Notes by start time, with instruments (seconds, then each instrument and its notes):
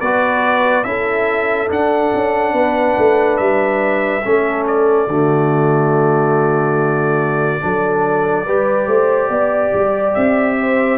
0.00 tuba B3, trombone F#4, horn B4, trumpet D5
0.84 tuba C#4, trombone E4, horn A4, trumpet E5
1.68 trombone D4, tuba D4, trumpet F#5
2.14 tuba C#4
2.53 tuba B3, horn B4
2.98 tuba A3
3.37 tuba G3, trumpet E5
4.24 tuba A3, trombone C#4, horn A4
4.67 trumpet D5
5.07 tuba D3, trombone A3, horn F#4
7.61 tuba F#3, trombone D4, horn A4
8.46 tuba G3, trombone G4, horn B4
8.87 tuba A3, horn C5
9.29 tuba B3, horn D5
9.73 tuba G3
10.14 tuba C4, trumpet E5
10.60 horn C5